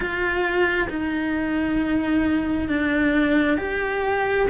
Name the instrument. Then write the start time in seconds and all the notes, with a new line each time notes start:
cello
0.00 F4
0.90 D#4
2.68 D4
3.57 G4